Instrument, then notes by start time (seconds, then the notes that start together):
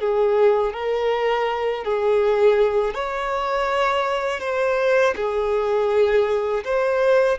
violin
0.00 G#4
0.73 A#4
1.84 G#4
2.94 C#5
4.40 C5
5.15 G#4
6.64 C5